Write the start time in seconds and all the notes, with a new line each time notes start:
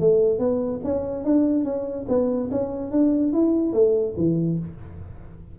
0.00 A3
0.39 B3
0.84 C#4
1.24 D4
1.64 C#4
2.08 B3
2.51 C#4
2.91 D4
3.33 E4
3.73 A3
4.17 E3